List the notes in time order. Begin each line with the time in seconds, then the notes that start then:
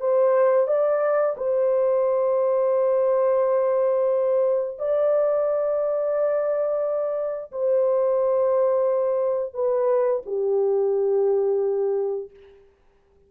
0.00 C5
0.68 D5
1.37 C5
4.79 D5
7.52 C5
9.54 B4
10.26 G4